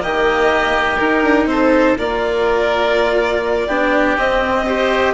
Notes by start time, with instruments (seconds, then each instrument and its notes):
0.00 bassoon D#3, cello A#3, oboe G4, violin D#5
0.98 cello D#4, bassoon D#4, violin A#4
1.24 bassoon D4
1.46 bassoon C4, oboe A4, violin C5
1.98 bassoon A#3, cello F4, oboe A#4, violin D5
3.68 bassoon B3, cello D4, oboe G4
4.18 cello C4, bassoon C4, violin D#5
4.67 cello G4, oboe C5